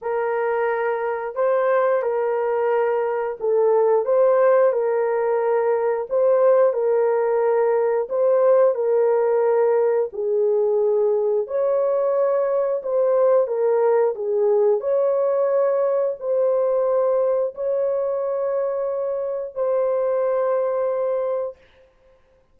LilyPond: \new Staff \with { instrumentName = "horn" } { \time 4/4 \tempo 4 = 89 ais'2 c''4 ais'4~ | ais'4 a'4 c''4 ais'4~ | ais'4 c''4 ais'2 | c''4 ais'2 gis'4~ |
gis'4 cis''2 c''4 | ais'4 gis'4 cis''2 | c''2 cis''2~ | cis''4 c''2. | }